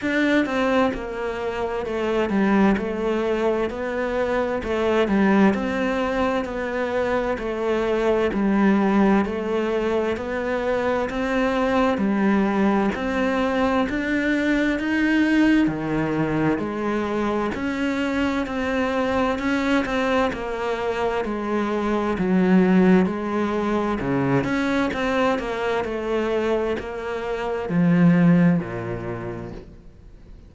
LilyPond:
\new Staff \with { instrumentName = "cello" } { \time 4/4 \tempo 4 = 65 d'8 c'8 ais4 a8 g8 a4 | b4 a8 g8 c'4 b4 | a4 g4 a4 b4 | c'4 g4 c'4 d'4 |
dis'4 dis4 gis4 cis'4 | c'4 cis'8 c'8 ais4 gis4 | fis4 gis4 cis8 cis'8 c'8 ais8 | a4 ais4 f4 ais,4 | }